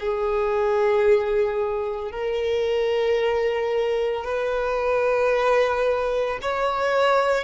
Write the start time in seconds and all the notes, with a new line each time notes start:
0.00 G#4
2.12 A#4
4.25 B4
6.42 C#5